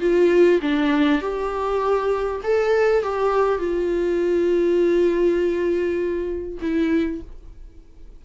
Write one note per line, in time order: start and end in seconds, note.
0.00 0.60 F4
0.62 1.21 D4
1.21 2.41 G4
2.43 3.02 A4
3.02 3.58 G4
3.58 6.58 F4
6.61 7.21 E4